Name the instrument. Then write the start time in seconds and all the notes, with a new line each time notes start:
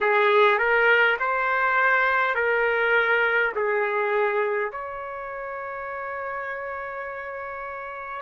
trumpet
0.00 G#4
0.58 A#4
1.19 C5
2.34 A#4
3.55 G#4
4.71 C#5